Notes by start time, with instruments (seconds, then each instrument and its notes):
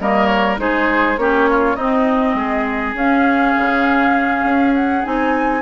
0.00 bassoon G3, clarinet A#3, oboe A#4, flute D#5
0.26 flute C#5
0.57 bassoon G#3, clarinet D#4, oboe G#4, flute C5
1.17 bassoon A#3, clarinet C#4, oboe G4, flute C#5
1.49 oboe F4
1.76 bassoon C4, clarinet C4, oboe D#4, flute D#5
2.34 bassoon G#3, oboe G#4
2.94 bassoon C#4, clarinet C#4, flute F5
3.57 bassoon C#3
4.44 bassoon C#4
4.75 flute F#5
5.04 bassoon C4, clarinet D#4, flute G#5